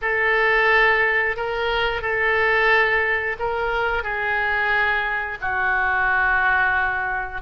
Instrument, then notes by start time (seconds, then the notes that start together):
oboe
0.01 A4
1.36 A#4
2.01 A4
3.39 A#4
4.03 G#4
5.41 F#4